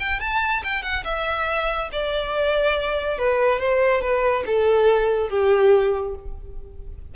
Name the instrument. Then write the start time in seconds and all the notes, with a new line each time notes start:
violin
0.00 G5
0.20 A5
0.64 G5
0.83 F#5
1.04 E5
1.92 D5
3.19 B4
3.60 C5
4.02 B4
4.46 A4
5.30 G4